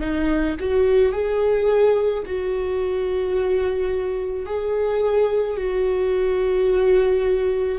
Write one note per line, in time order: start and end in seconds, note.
0.00 0.56 D#4
0.60 1.12 F#4
1.12 2.23 G#4
2.26 4.46 F#4
4.46 5.57 G#4
5.57 7.79 F#4